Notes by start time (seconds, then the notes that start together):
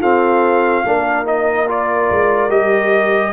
0.00 C4 F4 A4 F5
0.85 A#3 D4 A#4
1.25 D#4 D#5
1.68 F4 D5
2.10 G#3
2.49 G3 G4 D#5